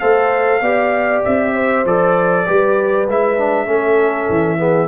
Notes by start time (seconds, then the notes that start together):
0.00 A3 A4 C5 F5
0.62 B3 G4 D5
1.25 C4 E5
1.54 C5
1.85 F3 A4 D5
2.46 G3 G4 B4
3.08 G#3 E4 E5
3.38 D4
3.67 A3 C#4 A4
4.29 E3
4.58 B3 G#4